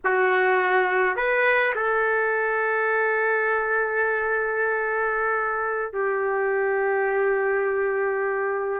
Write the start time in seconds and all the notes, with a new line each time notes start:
0.04 F#4
1.16 B4
1.75 A4
5.92 G4